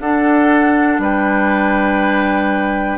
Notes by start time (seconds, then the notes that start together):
0.00 D4 A4 F#5
0.99 G3 B4 G5